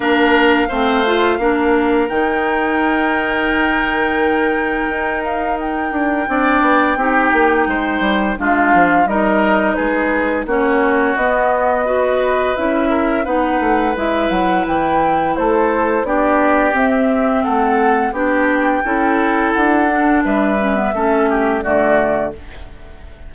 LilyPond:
<<
  \new Staff \with { instrumentName = "flute" } { \time 4/4 \tempo 4 = 86 f''2. g''4~ | g''2.~ g''8 f''8 | g''1 | f''4 dis''4 b'4 cis''4 |
dis''2 e''4 fis''4 | e''8 fis''8 g''4 c''4 d''4 | e''4 fis''4 g''2 | fis''4 e''2 d''4 | }
  \new Staff \with { instrumentName = "oboe" } { \time 4/4 ais'4 c''4 ais'2~ | ais'1~ | ais'4 d''4 g'4 c''4 | f'4 ais'4 gis'4 fis'4~ |
fis'4 b'4. ais'8 b'4~ | b'2 a'4 g'4~ | g'4 a'4 g'4 a'4~ | a'4 b'4 a'8 g'8 fis'4 | }
  \new Staff \with { instrumentName = "clarinet" } { \time 4/4 d'4 c'8 f'8 d'4 dis'4~ | dis'1~ | dis'4 d'4 dis'2 | d'4 dis'2 cis'4 |
b4 fis'4 e'4 dis'4 | e'2. d'4 | c'2 d'4 e'4~ | e'8 d'4 cis'16 b16 cis'4 a4 | }
  \new Staff \with { instrumentName = "bassoon" } { \time 4/4 ais4 a4 ais4 dis4~ | dis2. dis'4~ | dis'8 d'8 c'8 b8 c'8 ais8 gis8 g8 | gis8 f8 g4 gis4 ais4 |
b2 cis'4 b8 a8 | gis8 fis8 e4 a4 b4 | c'4 a4 b4 cis'4 | d'4 g4 a4 d4 | }
>>